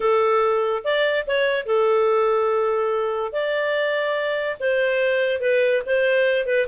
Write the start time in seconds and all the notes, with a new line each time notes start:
0.00 A4
0.84 D5
1.26 C#5
1.66 A4
3.32 D5
4.60 C5
5.40 B4
5.86 C5
6.45 B4